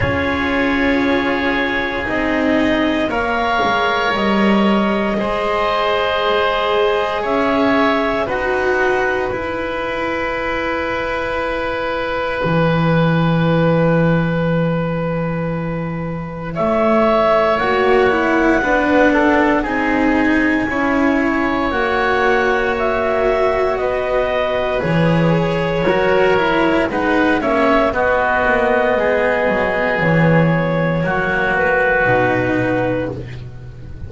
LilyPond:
<<
  \new Staff \with { instrumentName = "clarinet" } { \time 4/4 \tempo 4 = 58 cis''2 dis''4 f''4 | dis''2. e''4 | fis''4 gis''2.~ | gis''1 |
e''4 fis''2 gis''4~ | gis''4 fis''4 e''4 dis''4 | cis''2 fis''8 e''8 dis''4~ | dis''4 cis''4. b'4. | }
  \new Staff \with { instrumentName = "oboe" } { \time 4/4 gis'2. cis''4~ | cis''4 c''2 cis''4 | b'1~ | b'1 |
cis''2 b'8 a'8 gis'4 | cis''2. b'4~ | b'4 ais'4 b'8 cis''8 fis'4 | gis'2 fis'2 | }
  \new Staff \with { instrumentName = "cello" } { \time 4/4 f'2 dis'4 ais'4~ | ais'4 gis'2. | fis'4 e'2.~ | e'1~ |
e'4 fis'8 e'8 d'4 dis'4 | e'4 fis'2. | gis'4 fis'8 e'8 dis'8 cis'8 b4~ | b2 ais4 dis'4 | }
  \new Staff \with { instrumentName = "double bass" } { \time 4/4 cis'2 c'4 ais8 gis8 | g4 gis2 cis'4 | dis'4 e'2. | e1 |
a4 ais4 b4 c'4 | cis'4 ais2 b4 | e4 fis4 gis8 ais8 b8 ais8 | gis8 fis8 e4 fis4 b,4 | }
>>